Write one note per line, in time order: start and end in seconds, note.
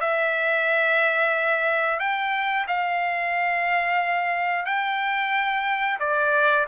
0.00 1.99 E5
1.99 2.66 G5
2.67 4.65 F5
4.65 5.98 G5
5.99 6.66 D5